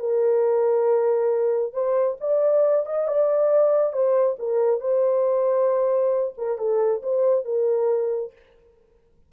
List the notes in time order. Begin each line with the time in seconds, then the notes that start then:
0.00 A#4
1.73 C5
2.21 D5
2.86 D#5
3.08 D5
3.93 C5
4.39 A#4
4.81 C5
6.38 A#4
6.58 A4
7.03 C5
7.45 A#4